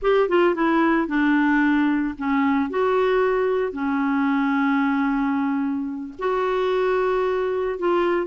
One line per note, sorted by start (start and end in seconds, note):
0.02 0.28 G4
0.28 0.55 F4
0.55 1.07 E4
1.07 2.14 D4
2.17 2.70 C#4
2.70 3.72 F#4
3.72 6.13 C#4
6.19 7.78 F#4
7.78 8.26 F4